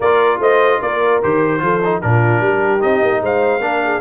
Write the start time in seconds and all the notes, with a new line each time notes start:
0.00 A#3 F4 A#4 D5
0.39 A3 C5 D#5
0.81 A#3 A#4 D5
1.22 D#3 G4 C5
1.59 F3 F4 A4
1.83 D#4
2.01 A#2 D4 F4 A#4
2.40 G3 G4
2.79 C4 D#4 D#5
3.01 A#3
3.21 G#3 C5 F5
3.59 A#3 D4 A#4
3.83 G#4